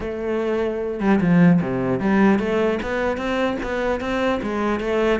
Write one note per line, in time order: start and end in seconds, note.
0.00 1.00 A3
1.00 1.20 G3
1.20 1.60 F3
1.61 1.99 C3
1.99 2.39 G3
2.39 2.79 A3
2.82 3.17 B3
3.17 3.57 C4
3.62 4.00 B3
4.00 4.40 C4
4.42 4.80 G#3
4.80 5.20 A3